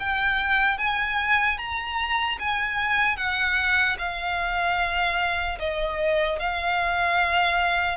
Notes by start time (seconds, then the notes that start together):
0.00 G5
0.79 G#5
1.59 A#5
2.40 G#5
3.17 F#5
3.99 F5
5.60 D#5
6.40 F5